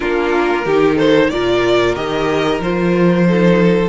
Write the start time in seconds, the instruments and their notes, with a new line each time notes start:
0.00 cello A#3, viola D4, violin F4 A#4
0.65 cello D#3, viola D#4, violin G4
0.95 violin A4 C5
1.29 cello A#2, viola F4, violin A#4 D5
1.95 cello D#3, viola G4, violin D#5
2.60 cello F3, viola F4, violin C5
3.27 viola D#4, violin A4